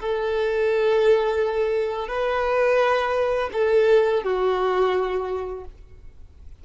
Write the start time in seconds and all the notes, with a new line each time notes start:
0.00 A4
2.08 B4
3.53 A4
4.23 F#4